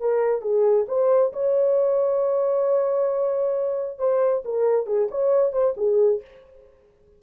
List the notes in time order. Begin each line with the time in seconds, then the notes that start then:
0.00 A#4
0.42 G#4
0.88 C5
1.33 C#5
3.99 C5
4.45 A#4
4.86 G#4
5.11 C#5
5.53 C5
5.77 G#4